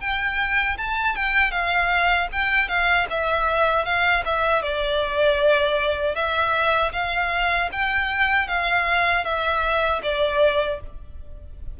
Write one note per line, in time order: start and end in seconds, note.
0.00 0.77 G5
0.78 1.15 A5
1.15 1.51 G5
1.51 2.28 F5
2.31 2.68 G5
2.68 3.07 F5
3.10 3.85 E5
3.85 4.23 F5
4.25 4.62 E5
4.62 6.15 D5
6.15 6.92 E5
6.92 7.69 F5
7.72 8.47 G5
8.47 9.24 F5
9.24 10.01 E5
10.03 10.80 D5